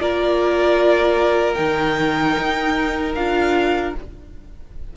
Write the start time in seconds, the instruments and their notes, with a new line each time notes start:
0.00 cello A#3, viola F4, violin A#4 D5
1.54 cello D#3, viola D#4, violin G5
2.39 cello D#4
3.15 cello D4, viola F4, violin F5